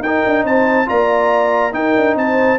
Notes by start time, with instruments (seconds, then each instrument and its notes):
0.00 tuba D#4, horn A#4, trumpet G5
0.06 trombone D#4
0.26 tuba D4
0.44 tuba C4, horn C5, trumpet A5
0.86 tuba A#3, trombone F4, horn D5, trumpet A#5
1.72 trombone D#4, tuba D#4, horn A#4, trumpet G5
1.97 tuba D4
2.16 tuba C4, horn C5, trumpet A5